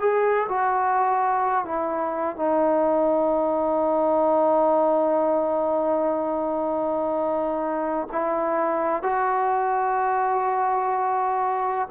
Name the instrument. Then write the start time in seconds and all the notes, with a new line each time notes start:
trombone
0.00 G#4
0.48 F#4
1.65 E4
2.36 D#4
8.12 E4
9.03 F#4